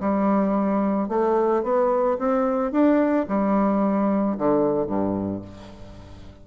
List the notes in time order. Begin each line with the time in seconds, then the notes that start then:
0.00 G3
1.08 A3
1.63 B3
2.18 C4
2.71 D4
3.28 G3
4.37 D3
4.86 G2